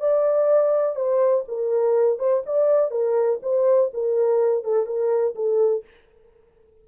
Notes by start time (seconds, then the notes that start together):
0.00 D5
0.96 C5
1.48 A#4
2.19 C5
2.46 D5
2.91 A#4
3.43 C5
3.94 A#4
4.64 A4
4.86 A#4
5.35 A4